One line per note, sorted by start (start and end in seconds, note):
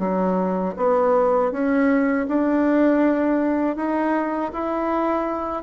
0.00 0.75 F#3
0.77 1.52 B3
1.52 2.27 C#4
2.28 3.77 D4
3.77 4.52 D#4
4.53 5.64 E4